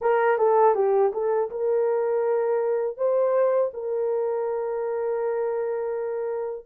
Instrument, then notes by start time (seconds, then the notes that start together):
horn
0.01 A#4
0.37 A4
0.74 G4
1.12 A4
1.50 A#4
2.97 C5
3.73 A#4